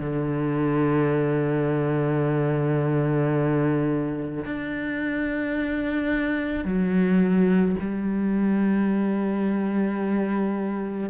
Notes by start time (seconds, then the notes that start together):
0.00 D3
4.45 D4
6.65 F#3
7.80 G3